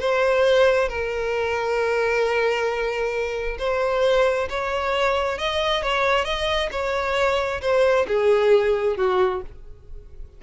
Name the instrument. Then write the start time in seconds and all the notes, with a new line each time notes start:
violin
0.00 C5
0.89 A#4
3.59 C5
4.50 C#5
5.38 D#5
5.83 C#5
6.25 D#5
6.72 C#5
7.62 C5
8.08 G#4
8.97 F#4